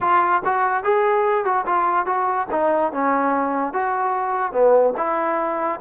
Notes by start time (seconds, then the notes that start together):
0.01 F4
0.44 F#4
0.83 G#4
1.44 F#4
1.66 F4
2.05 F#4
2.51 D#4
2.92 C#4
3.73 F#4
4.52 B3
4.97 E4